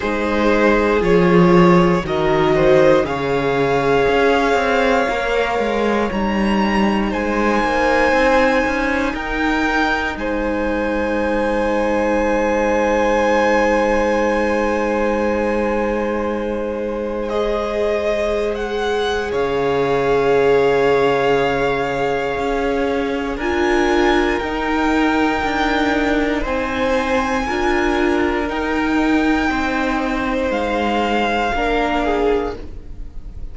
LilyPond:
<<
  \new Staff \with { instrumentName = "violin" } { \time 4/4 \tempo 4 = 59 c''4 cis''4 dis''4 f''4~ | f''2 ais''4 gis''4~ | gis''4 g''4 gis''2~ | gis''1~ |
gis''4 dis''4~ dis''16 fis''8. f''4~ | f''2. gis''4 | g''2 gis''2 | g''2 f''2 | }
  \new Staff \with { instrumentName = "violin" } { \time 4/4 gis'2 ais'8 c''8 cis''4~ | cis''2. c''4~ | c''4 ais'4 c''2~ | c''1~ |
c''2. cis''4~ | cis''2. ais'4~ | ais'2 c''4 ais'4~ | ais'4 c''2 ais'8 gis'8 | }
  \new Staff \with { instrumentName = "viola" } { \time 4/4 dis'4 f'4 fis'4 gis'4~ | gis'4 ais'4 dis'2~ | dis'1~ | dis'1~ |
dis'4 gis'2.~ | gis'2. f'4 | dis'2. f'4 | dis'2. d'4 | }
  \new Staff \with { instrumentName = "cello" } { \time 4/4 gis4 f4 dis4 cis4 | cis'8 c'8 ais8 gis8 g4 gis8 ais8 | c'8 cis'8 dis'4 gis2~ | gis1~ |
gis2. cis4~ | cis2 cis'4 d'4 | dis'4 d'4 c'4 d'4 | dis'4 c'4 gis4 ais4 | }
>>